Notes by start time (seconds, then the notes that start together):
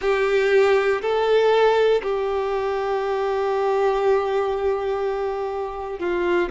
0.01 G4
1.01 A4
2.02 G4
5.99 F4